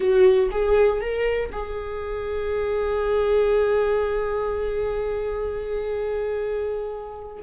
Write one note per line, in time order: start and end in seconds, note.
0.00 0.49 F#4
0.51 1.00 G#4
1.01 1.50 A#4
1.51 7.43 G#4